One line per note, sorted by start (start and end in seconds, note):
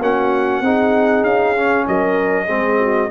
0.00 0.61 A#3
0.00 0.64 C#4
0.00 0.64 F#4
0.00 1.24 F#5
0.61 1.23 C4
0.61 1.56 D#4
0.61 1.87 G#4
1.23 1.85 C#4
1.23 1.86 F5
1.56 2.48 C#4
1.88 2.50 F#3
1.88 2.46 A#4
1.88 3.11 D#5
2.46 3.11 G#3
2.46 3.10 C4
2.46 2.77 G#4
2.80 3.11 F#4